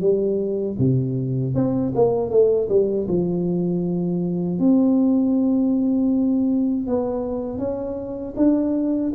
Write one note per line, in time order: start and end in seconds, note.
0.00 0.76 G3
0.79 1.54 C3
1.54 1.92 C4
1.95 2.30 A#3
2.30 2.68 A3
2.69 3.07 G3
3.08 4.59 F3
4.59 6.87 C4
6.87 7.58 B3
7.58 8.34 C#4
8.36 9.12 D4